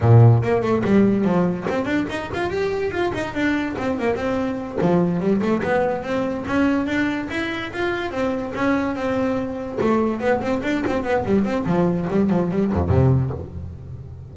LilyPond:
\new Staff \with { instrumentName = "double bass" } { \time 4/4 \tempo 4 = 144 ais,4 ais8 a8 g4 f4 | c'8 d'8 dis'8 f'8 g'4 f'8 dis'8 | d'4 c'8 ais8 c'4. f8~ | f8 g8 a8 b4 c'4 cis'8~ |
cis'8 d'4 e'4 f'4 c'8~ | c'8 cis'4 c'2 a8~ | a8 b8 c'8 d'8 c'8 b8 g8 c'8 | f4 g8 f8 g8 f,8 c4 | }